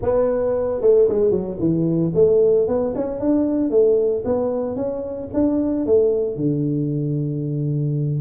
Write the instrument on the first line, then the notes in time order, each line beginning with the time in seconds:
tuba
0.02 B3
0.81 A3
1.08 G#3
1.31 F#3
1.59 E3
2.14 A3
2.67 B3
2.95 C#4
3.20 D4
3.70 A3
4.24 B3
4.75 C#4
5.33 D4
5.86 A3
6.36 D3